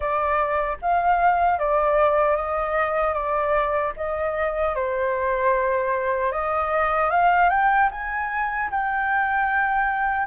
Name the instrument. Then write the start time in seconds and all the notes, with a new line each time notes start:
flute
0.00 D5
0.81 F5
1.59 D5
2.35 D#5
3.13 D5
3.96 D#5
4.75 C5
6.32 D#5
7.10 F5
7.49 G5
7.91 G#5
8.70 G5